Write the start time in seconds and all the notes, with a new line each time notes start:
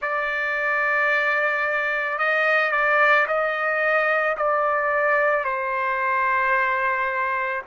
0.01 D5
2.18 D#5
2.71 D5
3.27 D#5
4.37 D5
5.44 C5